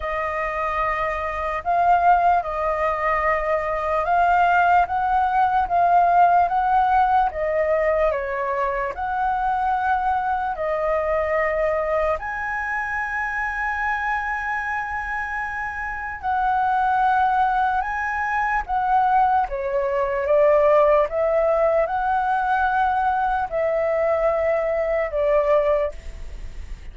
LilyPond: \new Staff \with { instrumentName = "flute" } { \time 4/4 \tempo 4 = 74 dis''2 f''4 dis''4~ | dis''4 f''4 fis''4 f''4 | fis''4 dis''4 cis''4 fis''4~ | fis''4 dis''2 gis''4~ |
gis''1 | fis''2 gis''4 fis''4 | cis''4 d''4 e''4 fis''4~ | fis''4 e''2 d''4 | }